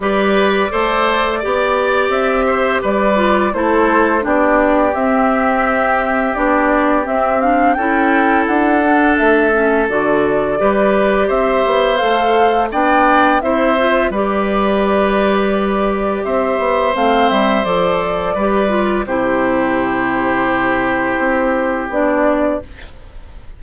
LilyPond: <<
  \new Staff \with { instrumentName = "flute" } { \time 4/4 \tempo 4 = 85 d''2. e''4 | d''4 c''4 d''4 e''4~ | e''4 d''4 e''8 f''8 g''4 | fis''4 e''4 d''2 |
e''4 f''4 g''4 e''4 | d''2. e''4 | f''8 e''8 d''2 c''4~ | c''2. d''4 | }
  \new Staff \with { instrumentName = "oboe" } { \time 4/4 b'4 c''4 d''4. c''8 | b'4 a'4 g'2~ | g'2. a'4~ | a'2. b'4 |
c''2 d''4 c''4 | b'2. c''4~ | c''2 b'4 g'4~ | g'1 | }
  \new Staff \with { instrumentName = "clarinet" } { \time 4/4 g'4 a'4 g'2~ | g'8 f'8 e'4 d'4 c'4~ | c'4 d'4 c'8 d'8 e'4~ | e'8 d'4 cis'8 fis'4 g'4~ |
g'4 a'4 d'4 e'8 f'8 | g'1 | c'4 a'4 g'8 f'8 e'4~ | e'2. d'4 | }
  \new Staff \with { instrumentName = "bassoon" } { \time 4/4 g4 a4 b4 c'4 | g4 a4 b4 c'4~ | c'4 b4 c'4 cis'4 | d'4 a4 d4 g4 |
c'8 b8 a4 b4 c'4 | g2. c'8 b8 | a8 g8 f4 g4 c4~ | c2 c'4 b4 | }
>>